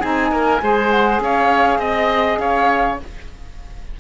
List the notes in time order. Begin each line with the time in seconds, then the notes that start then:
0.00 C4 D#4 G#4 G#5
0.32 A#3 A#4
0.62 G#3 G#4 C5
0.91 F#5
1.21 C#4 C#5 F5
1.79 C4 D#5
2.39 C#4 C#5 F5